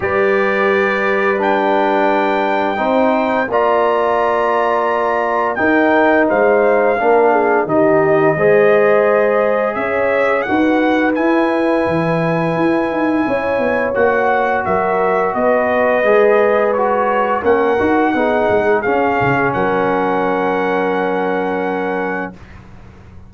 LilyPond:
<<
  \new Staff \with { instrumentName = "trumpet" } { \time 4/4 \tempo 4 = 86 d''2 g''2~ | g''4 ais''2. | g''4 f''2 dis''4~ | dis''2 e''4 fis''4 |
gis''1 | fis''4 e''4 dis''2 | cis''4 fis''2 f''4 | fis''1 | }
  \new Staff \with { instrumentName = "horn" } { \time 4/4 b'1 | c''4 d''2. | ais'4 c''4 ais'8 gis'8 g'4 | c''2 cis''4 b'4~ |
b'2. cis''4~ | cis''4 ais'4 b'2~ | b'4 ais'4 gis'2 | ais'1 | }
  \new Staff \with { instrumentName = "trombone" } { \time 4/4 g'2 d'2 | dis'4 f'2. | dis'2 d'4 dis'4 | gis'2. fis'4 |
e'1 | fis'2. gis'4 | fis'4 cis'8 fis'8 dis'4 cis'4~ | cis'1 | }
  \new Staff \with { instrumentName = "tuba" } { \time 4/4 g1 | c'4 ais2. | dis'4 gis4 ais4 dis4 | gis2 cis'4 dis'4 |
e'4 e4 e'8 dis'8 cis'8 b8 | ais4 fis4 b4 gis4~ | gis4 ais8 dis'8 b8 gis8 cis'8 cis8 | fis1 | }
>>